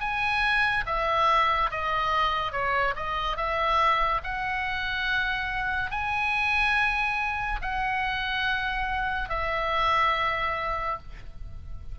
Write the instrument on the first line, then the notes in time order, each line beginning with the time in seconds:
oboe
0.00 G#5
0.86 E5
1.71 D#5
2.52 C#5
2.96 D#5
3.36 E5
4.23 F#5
5.91 G#5
7.62 F#5
9.29 E5